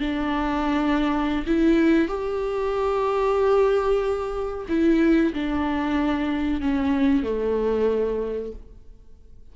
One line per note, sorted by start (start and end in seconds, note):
0.00 1.45 D4
1.47 2.08 E4
2.08 4.66 G4
4.69 5.33 E4
5.33 6.61 D4
6.61 7.23 C#4
7.23 8.52 A3